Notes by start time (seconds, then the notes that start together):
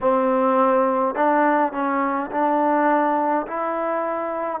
0.00 C4
1.15 D4
1.72 C#4
2.31 D4
3.47 E4